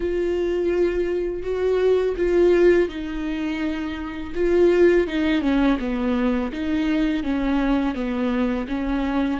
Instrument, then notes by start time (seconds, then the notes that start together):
viola
0.00 F4
1.43 F#4
2.17 F4
2.88 D#4
4.34 F4
5.07 D#4
5.41 C#4
5.79 B3
6.52 D#4
7.23 C#4
7.94 B3
8.67 C#4